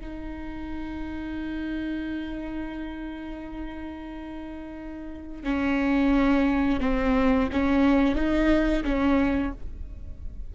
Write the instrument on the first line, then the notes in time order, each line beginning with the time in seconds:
viola
0.00 D#4
5.44 C#4
6.80 C4
7.52 C#4
8.15 D#4
8.84 C#4